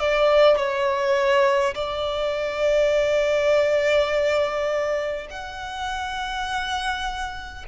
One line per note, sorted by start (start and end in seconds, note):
0.00 0.57 D5
0.57 1.74 C#5
1.74 5.27 D5
5.30 7.65 F#5